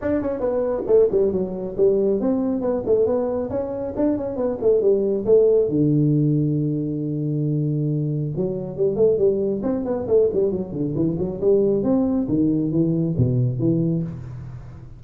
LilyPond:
\new Staff \with { instrumentName = "tuba" } { \time 4/4 \tempo 4 = 137 d'8 cis'8 b4 a8 g8 fis4 | g4 c'4 b8 a8 b4 | cis'4 d'8 cis'8 b8 a8 g4 | a4 d2.~ |
d2. fis4 | g8 a8 g4 c'8 b8 a8 g8 | fis8 d8 e8 fis8 g4 c'4 | dis4 e4 b,4 e4 | }